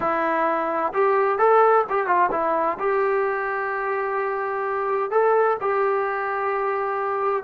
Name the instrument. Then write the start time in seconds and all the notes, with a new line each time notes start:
trombone
0.00 E4
0.93 G4
1.38 A4
1.89 G4
2.06 F4
2.31 E4
2.79 G4
5.10 A4
5.60 G4